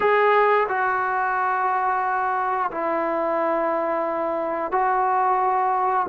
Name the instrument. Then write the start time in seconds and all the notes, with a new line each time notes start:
trombone
0.00 G#4
0.68 F#4
2.71 E4
4.71 F#4